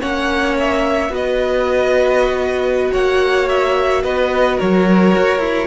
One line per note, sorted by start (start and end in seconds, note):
0.00 1.10 A#3
0.00 1.11 C#4
0.00 1.12 C#5
0.00 0.57 F#5
0.60 1.15 E5
1.10 2.90 B3
1.10 5.67 F#4
1.10 2.92 B4
1.10 2.93 D#5
2.92 4.04 A#3
2.92 4.03 C#5
2.92 3.49 F#5
3.49 4.04 E5
4.04 4.60 B3
4.04 4.57 B4
4.04 4.59 D#5
4.57 5.16 F#3
4.57 5.67 A#4
4.57 5.67 C#5
5.16 5.39 F#4
5.39 5.67 E4